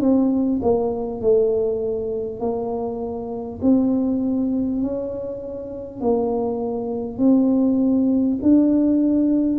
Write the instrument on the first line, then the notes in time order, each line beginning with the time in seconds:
tuba
0.00 C4
0.62 A#3
1.21 A3
2.39 A#3
3.62 C4
4.81 C#4
6.01 A#3
7.18 C4
8.42 D4